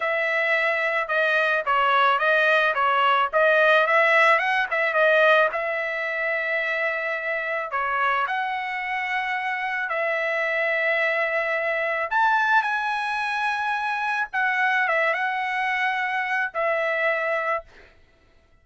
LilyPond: \new Staff \with { instrumentName = "trumpet" } { \time 4/4 \tempo 4 = 109 e''2 dis''4 cis''4 | dis''4 cis''4 dis''4 e''4 | fis''8 e''8 dis''4 e''2~ | e''2 cis''4 fis''4~ |
fis''2 e''2~ | e''2 a''4 gis''4~ | gis''2 fis''4 e''8 fis''8~ | fis''2 e''2 | }